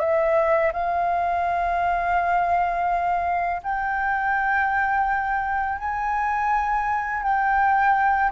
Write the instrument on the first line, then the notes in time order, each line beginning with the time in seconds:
flute
0.00 E5
0.73 F5
3.63 G5
5.79 G#5
7.23 G5